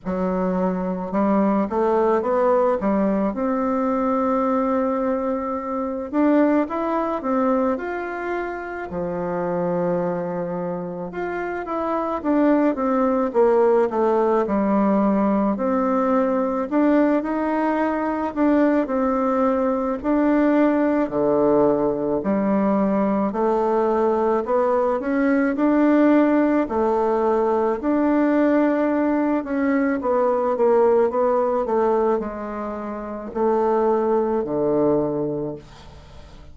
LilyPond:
\new Staff \with { instrumentName = "bassoon" } { \time 4/4 \tempo 4 = 54 fis4 g8 a8 b8 g8 c'4~ | c'4. d'8 e'8 c'8 f'4 | f2 f'8 e'8 d'8 c'8 | ais8 a8 g4 c'4 d'8 dis'8~ |
dis'8 d'8 c'4 d'4 d4 | g4 a4 b8 cis'8 d'4 | a4 d'4. cis'8 b8 ais8 | b8 a8 gis4 a4 d4 | }